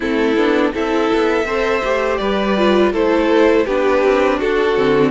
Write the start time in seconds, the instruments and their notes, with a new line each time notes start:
0.00 cello A3, viola C4, violin E4 A4
0.36 cello B3, viola D4
0.73 cello C4, viola E4, violin A4 E5
1.12 cello B3
1.44 cello C4, viola A4, violin C5
1.84 cello A3, viola G4
2.17 cello G3, violin B4 D5
2.57 viola F4
2.92 cello A3, viola E4, violin A4 C5
3.65 cello B3, viola D4, violin G4 B4
4.03 cello C4
4.38 cello D4, violin F#4 A4
4.75 cello D3, viola C4